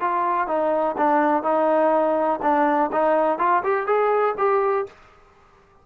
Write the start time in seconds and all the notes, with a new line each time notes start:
0.00 F4
0.48 D#4
0.97 D4
1.43 D#4
2.42 D4
2.92 D#4
3.38 F4
3.63 G4
3.87 G#4
4.38 G4